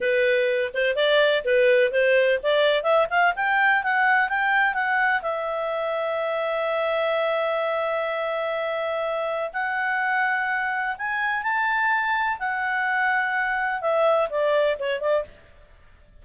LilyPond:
\new Staff \with { instrumentName = "clarinet" } { \time 4/4 \tempo 4 = 126 b'4. c''8 d''4 b'4 | c''4 d''4 e''8 f''8 g''4 | fis''4 g''4 fis''4 e''4~ | e''1~ |
e''1 | fis''2. gis''4 | a''2 fis''2~ | fis''4 e''4 d''4 cis''8 d''8 | }